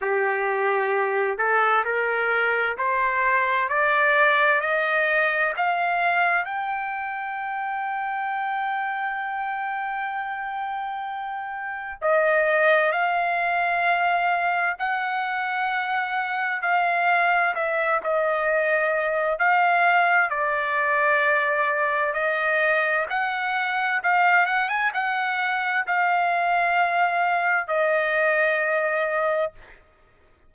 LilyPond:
\new Staff \with { instrumentName = "trumpet" } { \time 4/4 \tempo 4 = 65 g'4. a'8 ais'4 c''4 | d''4 dis''4 f''4 g''4~ | g''1~ | g''4 dis''4 f''2 |
fis''2 f''4 e''8 dis''8~ | dis''4 f''4 d''2 | dis''4 fis''4 f''8 fis''16 gis''16 fis''4 | f''2 dis''2 | }